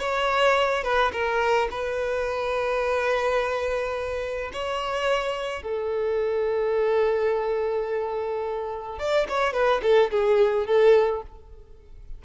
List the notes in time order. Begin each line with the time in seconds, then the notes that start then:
0.00 C#5
0.84 B4
1.12 A#4
1.71 B4
4.53 C#5
5.63 A4
8.99 D5
9.29 C#5
9.53 B4
9.83 A4
10.11 G#4
10.67 A4